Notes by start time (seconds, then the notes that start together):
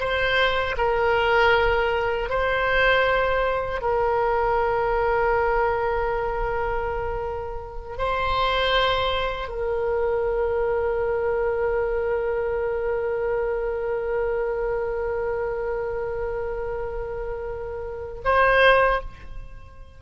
0.00 C5
0.77 A#4
2.29 C5
3.81 A#4
7.98 C5
9.48 A#4
18.25 C5